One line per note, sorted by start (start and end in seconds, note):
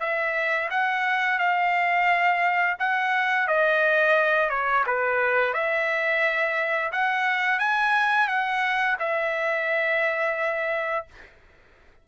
0.00 0.69 E5
0.71 1.39 F#5
1.39 2.77 F5
2.79 3.48 F#5
3.48 4.50 D#5
4.50 4.84 C#5
4.86 5.54 B4
5.54 6.92 E5
6.92 7.59 F#5
7.59 8.28 G#5
8.28 8.97 F#5
8.99 11.06 E5